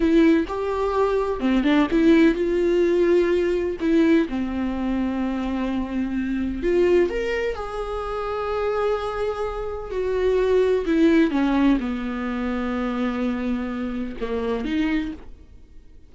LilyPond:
\new Staff \with { instrumentName = "viola" } { \time 4/4 \tempo 4 = 127 e'4 g'2 c'8 d'8 | e'4 f'2. | e'4 c'2.~ | c'2 f'4 ais'4 |
gis'1~ | gis'4 fis'2 e'4 | cis'4 b2.~ | b2 ais4 dis'4 | }